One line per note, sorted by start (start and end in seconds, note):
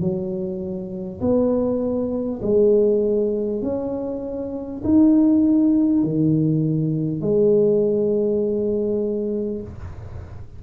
0.00 1.20 F#3
1.21 2.41 B3
2.42 3.62 G#3
3.62 4.82 C#4
4.84 6.03 D#4
6.03 7.21 D#3
7.21 9.61 G#3